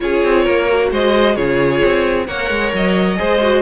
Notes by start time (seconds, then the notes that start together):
0.00 C#4 F4 G#4 C#5
0.23 C4
0.43 A#3 A#4
0.68 F#4
0.91 G#3 C5 D#5
1.35 C#3 F4 G#4 C#5
1.84 C4
2.26 A#3 A#4 C#5 F#5
2.50 G#3
2.73 F#3 D#5
3.17 G#3 G#4 C5
3.42 F#4